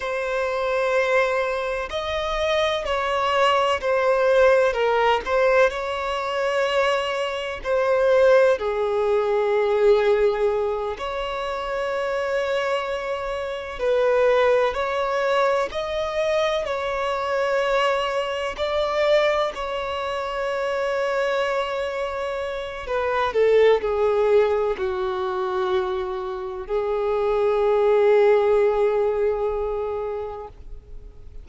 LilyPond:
\new Staff \with { instrumentName = "violin" } { \time 4/4 \tempo 4 = 63 c''2 dis''4 cis''4 | c''4 ais'8 c''8 cis''2 | c''4 gis'2~ gis'8 cis''8~ | cis''2~ cis''8 b'4 cis''8~ |
cis''8 dis''4 cis''2 d''8~ | d''8 cis''2.~ cis''8 | b'8 a'8 gis'4 fis'2 | gis'1 | }